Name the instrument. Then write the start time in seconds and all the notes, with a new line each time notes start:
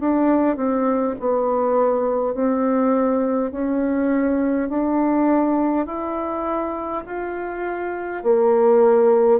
bassoon
0.00 D4
0.56 C4
1.19 B3
2.34 C4
3.51 C#4
4.69 D4
5.86 E4
7.05 F4
8.23 A#3